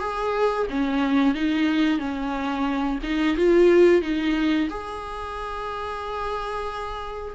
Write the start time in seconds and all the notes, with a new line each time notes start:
0.00 G#4
0.70 C#4
1.35 D#4
1.99 C#4
3.03 D#4
3.37 F4
4.02 D#4
4.70 G#4